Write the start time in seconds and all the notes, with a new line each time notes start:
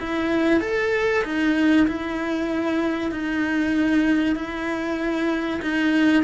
0.00 E4
0.61 A4
1.24 D#4
1.88 E4
3.11 D#4
4.36 E4
5.62 D#4